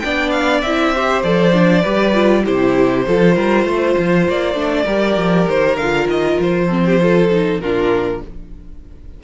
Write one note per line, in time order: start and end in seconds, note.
0.00 0.62 B3
0.00 0.65 D4
0.00 0.95 D5
0.00 0.30 G5
0.31 0.61 F5
0.62 1.23 C4
0.62 0.95 E4
0.62 1.22 E5
0.95 1.24 G4
0.95 1.82 C5
1.23 1.84 F3
1.23 1.53 A4
1.23 2.45 D5
1.53 1.83 D4
1.82 2.46 G3
1.82 2.14 G4
1.82 2.42 B4
2.14 2.44 F4
2.44 3.07 C3
2.44 3.05 E4
2.44 3.06 G4
2.44 4.28 C5
3.07 3.36 F3
3.07 4.55 F4
3.07 3.36 A4
3.36 3.65 G3
3.36 3.65 A#4
3.65 3.95 A3
3.65 4.85 C5
3.98 4.28 F3
4.28 4.55 A#3
4.28 5.49 D5
4.55 4.85 A3
4.55 4.85 D4
4.85 5.17 G3
4.85 5.78 G4
4.85 6.66 A#4
5.17 5.47 F3
5.49 5.77 D#3
5.49 5.77 C5
5.77 6.07 D3
5.77 6.69 F4
5.77 6.07 F5
6.07 6.37 D#3
6.07 6.40 D#5
6.40 7.60 F3
6.40 7.60 C5
6.66 6.99 C4
6.66 6.81 A4
6.86 7.01 G4
7.00 7.30 F4
7.00 7.62 A4
7.31 7.61 D#4
7.60 8.21 A#2
7.60 8.23 D4
7.60 8.23 F4
7.60 8.21 A#4